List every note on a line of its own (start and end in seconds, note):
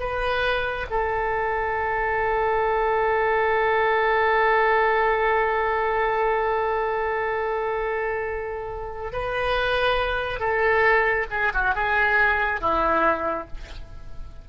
0.00 0.87 B4
0.91 9.13 A4
9.13 10.40 B4
10.40 11.27 A4
11.31 11.53 G#4
11.54 11.75 F#4
11.75 12.61 G#4
12.61 13.48 E4